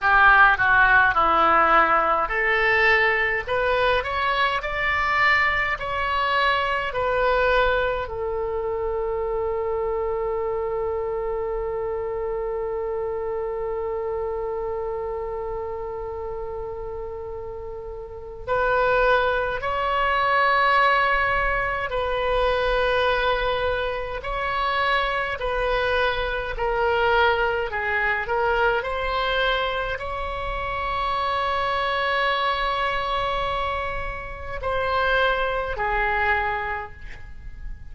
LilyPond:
\new Staff \with { instrumentName = "oboe" } { \time 4/4 \tempo 4 = 52 g'8 fis'8 e'4 a'4 b'8 cis''8 | d''4 cis''4 b'4 a'4~ | a'1~ | a'1 |
b'4 cis''2 b'4~ | b'4 cis''4 b'4 ais'4 | gis'8 ais'8 c''4 cis''2~ | cis''2 c''4 gis'4 | }